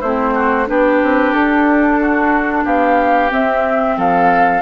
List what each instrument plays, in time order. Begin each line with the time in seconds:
0.00 bassoon A3, clarinet C4, oboe E4, flute C5
0.34 oboe F#4
0.66 bassoon B3, clarinet D4, oboe G4, flute B4
1.03 bassoon C4
1.33 bassoon D4, flute A4
2.00 oboe F#4
2.64 bassoon B3, oboe G4, flute F5
3.29 clarinet C4, bassoon C4, flute E5
3.97 bassoon F3, oboe A4, flute F5